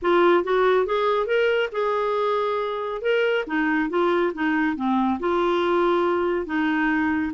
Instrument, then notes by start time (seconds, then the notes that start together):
clarinet
0.02 F4
0.43 F#4
0.85 G#4
1.26 A#4
1.71 G#4
3.01 A#4
3.46 D#4
3.89 F4
4.34 D#4
4.76 C4
5.19 F4
6.46 D#4